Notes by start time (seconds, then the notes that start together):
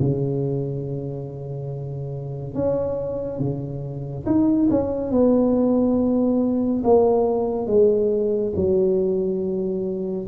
0.00 C#3
2.54 C#4
3.40 C#3
4.26 D#4
4.71 C#4
5.12 B3
6.84 A#3
7.67 G#3
8.56 F#3